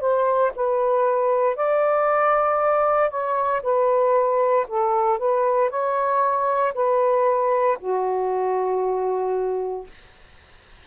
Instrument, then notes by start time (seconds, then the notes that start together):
saxophone
0.00 C5
0.55 B4
1.56 D5
3.10 C#5
3.63 B4
4.68 A4
5.18 B4
5.70 C#5
6.74 B4
7.80 F#4